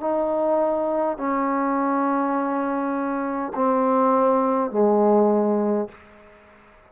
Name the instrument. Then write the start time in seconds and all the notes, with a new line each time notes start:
trombone
0.00 D#4
1.17 C#4
3.55 C4
4.71 G#3